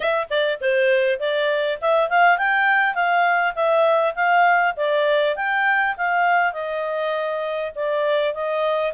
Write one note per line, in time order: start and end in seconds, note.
0.00 0.28 E5
0.30 0.59 D5
0.60 1.19 C5
1.19 1.78 D5
1.81 2.09 E5
2.09 2.38 F5
2.38 2.94 G5
2.94 3.54 F5
3.55 4.14 E5
4.15 4.74 F5
4.76 5.35 D5
5.36 5.95 G5
5.97 6.53 F5
6.53 7.71 D#5
7.75 8.33 D5
8.33 8.93 D#5